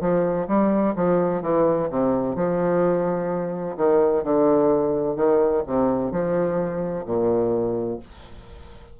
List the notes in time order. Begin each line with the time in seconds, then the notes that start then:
0.00 F3
0.47 G3
0.95 F3
1.42 E3
1.90 C3
2.36 F3
3.77 D#3
4.24 D3
5.16 D#3
5.66 C3
6.11 F3
7.05 A#2